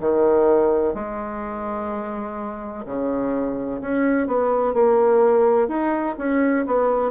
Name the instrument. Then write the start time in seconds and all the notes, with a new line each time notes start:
bassoon
0.00 D#3
0.94 G#3
2.86 C#3
3.81 C#4
4.27 B3
4.74 A#3
5.68 D#4
6.18 C#4
6.66 B3